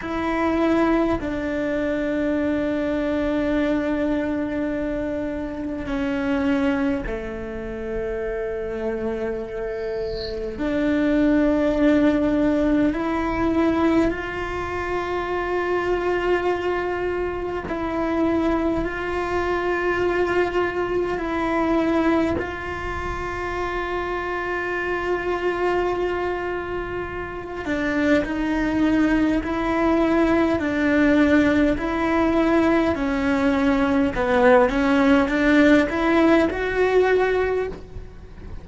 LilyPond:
\new Staff \with { instrumentName = "cello" } { \time 4/4 \tempo 4 = 51 e'4 d'2.~ | d'4 cis'4 a2~ | a4 d'2 e'4 | f'2. e'4 |
f'2 e'4 f'4~ | f'2.~ f'8 d'8 | dis'4 e'4 d'4 e'4 | cis'4 b8 cis'8 d'8 e'8 fis'4 | }